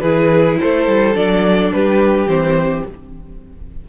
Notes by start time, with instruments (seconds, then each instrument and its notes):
0.00 cello E3, viola E4, violin G#4 B4
0.59 cello A3, violin A4 C5
0.87 cello G3
1.14 cello F#3, viola D4, violin D5
1.72 cello G3, violin G4 B4
2.26 cello E3, viola C4, violin C5